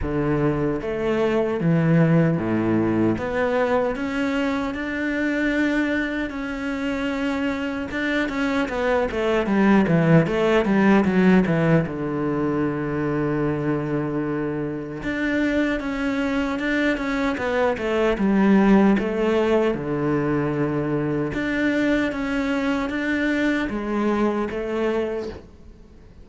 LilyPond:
\new Staff \with { instrumentName = "cello" } { \time 4/4 \tempo 4 = 76 d4 a4 e4 a,4 | b4 cis'4 d'2 | cis'2 d'8 cis'8 b8 a8 | g8 e8 a8 g8 fis8 e8 d4~ |
d2. d'4 | cis'4 d'8 cis'8 b8 a8 g4 | a4 d2 d'4 | cis'4 d'4 gis4 a4 | }